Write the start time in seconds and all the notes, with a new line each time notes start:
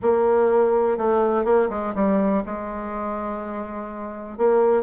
0.02 A#3
0.97 A3
1.44 A#3
1.69 G#3
1.95 G3
2.45 G#3
4.37 A#3